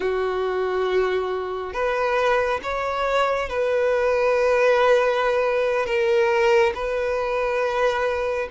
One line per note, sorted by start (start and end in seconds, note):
0.00 1.73 F#4
1.73 2.60 B4
2.62 3.49 C#5
3.49 5.85 B4
5.85 6.72 A#4
6.74 8.48 B4